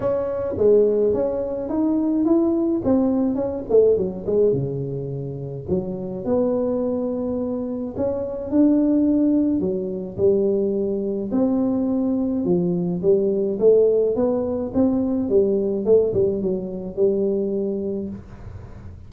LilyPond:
\new Staff \with { instrumentName = "tuba" } { \time 4/4 \tempo 4 = 106 cis'4 gis4 cis'4 dis'4 | e'4 c'4 cis'8 a8 fis8 gis8 | cis2 fis4 b4~ | b2 cis'4 d'4~ |
d'4 fis4 g2 | c'2 f4 g4 | a4 b4 c'4 g4 | a8 g8 fis4 g2 | }